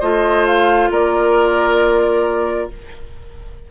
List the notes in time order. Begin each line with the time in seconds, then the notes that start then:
0.00 A3 F4 C5 D#5
0.46 F5
0.90 A#3 A#4 D5